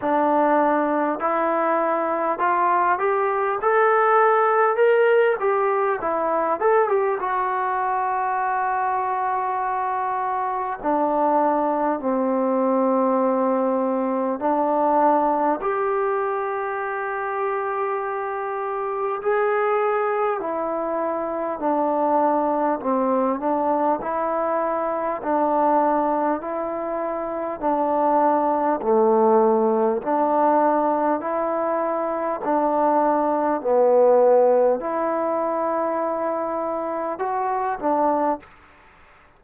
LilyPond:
\new Staff \with { instrumentName = "trombone" } { \time 4/4 \tempo 4 = 50 d'4 e'4 f'8 g'8 a'4 | ais'8 g'8 e'8 a'16 g'16 fis'2~ | fis'4 d'4 c'2 | d'4 g'2. |
gis'4 e'4 d'4 c'8 d'8 | e'4 d'4 e'4 d'4 | a4 d'4 e'4 d'4 | b4 e'2 fis'8 d'8 | }